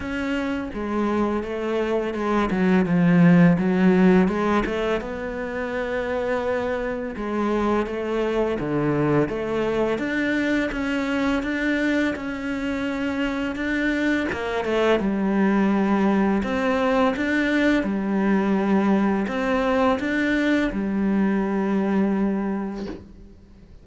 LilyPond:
\new Staff \with { instrumentName = "cello" } { \time 4/4 \tempo 4 = 84 cis'4 gis4 a4 gis8 fis8 | f4 fis4 gis8 a8 b4~ | b2 gis4 a4 | d4 a4 d'4 cis'4 |
d'4 cis'2 d'4 | ais8 a8 g2 c'4 | d'4 g2 c'4 | d'4 g2. | }